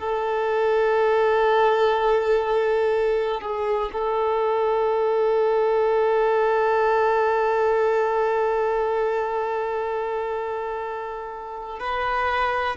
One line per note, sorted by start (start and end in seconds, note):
0.00 3.42 A4
3.42 3.91 G#4
3.93 11.80 A4
11.80 12.77 B4